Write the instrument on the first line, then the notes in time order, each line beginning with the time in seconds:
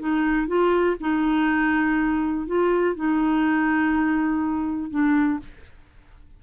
clarinet
0.00 D#4
0.48 F4
1.01 D#4
2.47 F4
2.96 D#4
4.90 D4